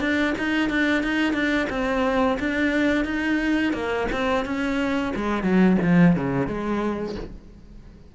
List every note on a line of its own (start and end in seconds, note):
0.00 0.34 D4
0.38 0.70 D#4
0.70 1.03 D4
1.03 1.33 D#4
1.33 1.67 D4
1.70 2.38 C4
2.40 3.05 D4
3.05 3.73 D#4
3.73 4.07 A#3
4.12 4.45 C4
4.45 5.14 C#4
5.16 5.43 G#3
5.43 5.77 F#3
5.82 6.16 F3
6.16 6.47 C#3
6.47 7.15 G#3